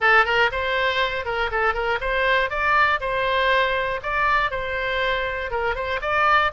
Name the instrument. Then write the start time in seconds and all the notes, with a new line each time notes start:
oboe
0.00 A4
0.25 A#4
0.51 C5
1.25 A#4
1.51 A4
1.74 A#4
2.00 C5
2.50 D5
3.00 C5
4.02 D5
4.50 C5
5.50 A#4
5.75 C5
6.01 D5